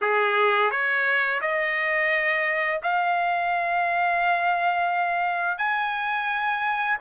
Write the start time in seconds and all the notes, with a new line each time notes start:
0.01 G#4
0.70 C#5
1.41 D#5
2.83 F5
5.58 G#5